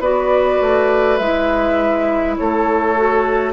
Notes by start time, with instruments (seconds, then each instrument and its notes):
0.00 bassoon B3, clarinet F#4, oboe B4, flute D5
0.61 bassoon A3
1.18 bassoon G#3, clarinet E4, flute E5
2.37 bassoon A3, oboe A4, flute C#5
2.97 clarinet F#4